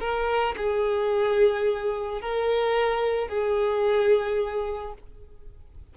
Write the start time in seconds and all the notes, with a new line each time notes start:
0.00 A#4
0.57 G#4
2.21 A#4
3.28 G#4